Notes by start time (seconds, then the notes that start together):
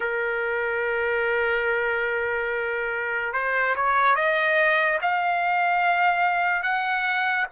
0.00 A#4
3.33 C5
3.75 C#5
4.15 D#5
5.01 F5
6.62 F#5